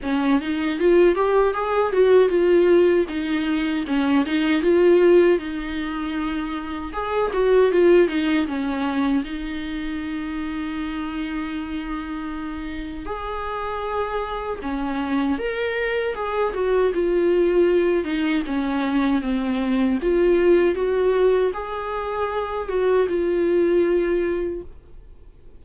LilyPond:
\new Staff \with { instrumentName = "viola" } { \time 4/4 \tempo 4 = 78 cis'8 dis'8 f'8 g'8 gis'8 fis'8 f'4 | dis'4 cis'8 dis'8 f'4 dis'4~ | dis'4 gis'8 fis'8 f'8 dis'8 cis'4 | dis'1~ |
dis'4 gis'2 cis'4 | ais'4 gis'8 fis'8 f'4. dis'8 | cis'4 c'4 f'4 fis'4 | gis'4. fis'8 f'2 | }